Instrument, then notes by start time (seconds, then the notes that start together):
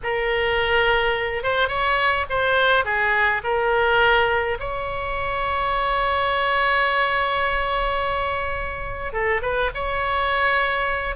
oboe
0.03 A#4
1.43 C5
1.68 C#5
2.29 C5
2.84 G#4
3.43 A#4
4.59 C#5
9.12 A4
9.41 B4
9.74 C#5